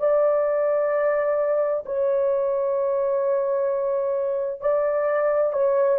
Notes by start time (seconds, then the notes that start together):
0.00 D5
1.86 C#5
4.62 D5
5.53 C#5